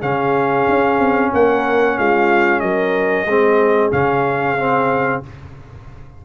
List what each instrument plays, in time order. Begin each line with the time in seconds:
0.00 tuba C#3, trombone C#4, horn G#4, trumpet F5
0.68 tuba C#4
0.99 tuba C4
1.33 tuba A#3, horn A#4, trumpet F#5
1.98 tuba G#3, horn F4, trumpet F5
2.60 tuba F#3, horn A#4, trumpet D#5
3.26 tuba G#3, trombone C4, horn G#4
3.92 tuba C#3, trombone C#4, trumpet F5
4.58 trombone C4